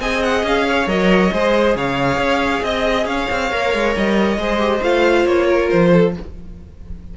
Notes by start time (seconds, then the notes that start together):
0.00 C4 G#4 D#5 G#5
0.23 F#5
0.44 C#4 F5
0.69 C#5
0.87 F#3 A#4 D#5
1.33 G#3 G#4 C5
1.76 C#3 C#5 F5
2.18 C#4
2.63 C4 D#5
3.06 C#4 C#5 F5
3.31 C4
3.52 A#3 A#4
3.74 G#3
3.97 G3 D#5
4.37 G#3 G#4 C5
4.60 G4
4.83 A3 F4 F5
5.26 A#3 C#5
5.47 A#4
5.70 F3 C5
5.93 A4